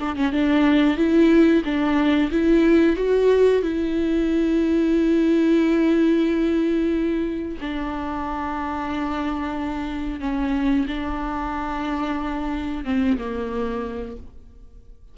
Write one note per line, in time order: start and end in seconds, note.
0.00 0.16 D4
0.16 0.33 C#4
0.33 0.97 D4
0.97 1.63 E4
1.65 2.31 D4
2.32 2.97 E4
2.97 3.63 F#4
3.63 7.58 E4
7.61 10.20 D4
10.20 10.86 C#4
10.88 12.85 D4
12.85 13.18 C4
13.18 14.17 A#3